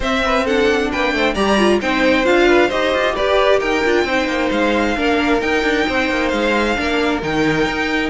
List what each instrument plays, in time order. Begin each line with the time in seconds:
0.00 cello C4, viola C4, violin C5 E5
0.25 violin B4
0.44 viola D4, violin A4 F#5
0.91 cello A#3, violin B4 G5
1.12 cello A3, violin C5
1.34 cello G3, viola G4, violin D5 A#5
1.58 viola F4
1.81 cello C4, viola D#4, violin C5 G5
2.23 cello D4, viola F4, violin F5
2.47 violin B4
2.68 cello D#4, viola G4, violin C5 D#5
2.94 cello F4
3.15 cello G4, violin B4 D5
3.59 cello D#4, violin A#4 G5
3.85 cello D4, viola F4
4.04 cello C4, viola D#4, violin C5
4.27 cello A#3
4.51 cello G#3, violin F5
4.96 cello A#3, viola D4, violin A#4
5.40 viola D#4, cello D#4, violin G5
5.63 cello D4
5.88 cello C4, violin C5
6.10 cello A#3
6.28 cello G#3, violin F5
6.75 cello A#3, viola D4, violin A#4
7.22 cello D#3, viola D#4, violin G5
7.66 cello D#4